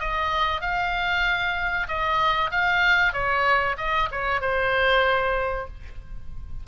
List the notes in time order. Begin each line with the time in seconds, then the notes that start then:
0.00 D#5
0.61 F5
1.88 D#5
2.51 F5
3.13 C#5
3.78 D#5
4.12 C#5
4.41 C5